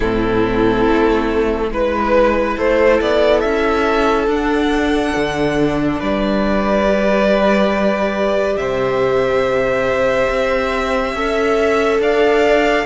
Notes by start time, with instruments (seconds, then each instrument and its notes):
0.00 cello A2, viola C4, violin E4 A4
0.87 cello A3
1.71 cello G#3, viola E4, violin B4
2.56 cello A3, violin A4 C5
3.01 cello B3, violin D5
3.40 cello C#4, violin E5
4.27 cello D4, viola D4, violin F#5
5.16 cello D3
5.99 cello G3, violin B4 D5
6.87 viola G4
8.57 cello C3, violin C5 E5
10.29 cello C4
11.13 cello C#4, viola A4, violin E5
11.99 cello D4, violin D5 F5